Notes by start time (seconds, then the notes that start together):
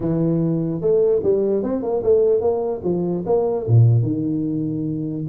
0.00 E3
0.81 A3
1.23 G3
1.63 C4
1.82 A#3
2.03 A3
2.40 A#3
2.83 F3
3.26 A#3
3.67 A#2
4.02 D#3